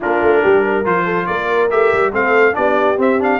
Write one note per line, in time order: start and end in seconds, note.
0.00 0.21 A#3
0.00 0.84 D4
0.00 0.42 F4
0.00 0.85 A#4
0.21 0.43 A3
0.42 0.85 G3
0.42 0.63 G4
0.64 1.04 A#4
0.84 1.28 F3
0.84 1.69 F4
0.84 1.26 C5
1.04 1.26 A4
1.26 1.71 A#3
1.26 2.12 A#4
1.26 1.69 D5
1.70 1.92 A3
1.70 2.12 G4
1.70 2.13 E5
1.93 2.12 G3
2.12 2.54 A3
2.12 2.52 C4
2.12 2.55 A4
2.12 2.55 F5
2.52 2.97 B3
2.52 2.95 D4
2.52 3.39 G4
2.52 2.97 D5
2.97 3.39 C4
2.97 3.19 C4
2.97 3.22 E5
3.19 3.39 D4
3.19 3.39 F5